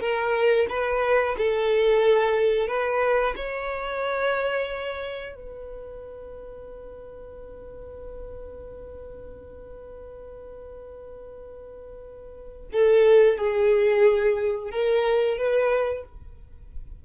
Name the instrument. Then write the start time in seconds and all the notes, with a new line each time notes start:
violin
0.00 A#4
0.69 B4
1.38 A4
2.68 B4
3.36 C#5
5.35 B4
12.72 A4
13.38 G#4
14.71 A#4
15.38 B4